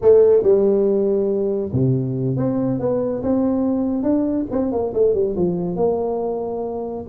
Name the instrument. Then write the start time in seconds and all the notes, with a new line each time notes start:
tuba
0.01 A3
0.42 G3
1.72 C3
2.36 C4
2.79 B3
3.22 C4
4.02 D4
4.51 C4
4.71 A#3
4.93 A3
5.14 G3
5.36 F3
5.76 A#3